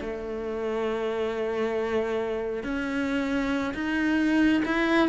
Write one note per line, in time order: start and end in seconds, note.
0.00 2.63 A3
2.63 3.73 C#4
3.74 4.62 D#4
4.65 5.08 E4